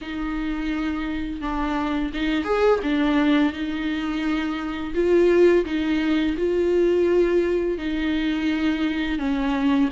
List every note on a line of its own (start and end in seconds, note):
0.01 1.41 D#4
1.41 2.11 D4
2.13 2.44 D#4
2.44 2.79 G#4
2.82 3.52 D4
3.52 4.93 D#4
4.94 5.65 F4
5.65 6.35 D#4
6.37 7.78 F4
7.78 9.18 D#4
9.18 9.89 C#4